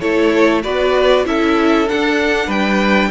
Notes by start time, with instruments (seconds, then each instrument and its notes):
0.00 cello A3, viola E4, violin A4 C#5
0.63 cello B3, viola F#4, violin B4 D5
1.25 cello C#4, viola E4, violin A4 E5
1.88 viola D4, cello D4, violin F#5
2.47 cello G3, violin B4 G5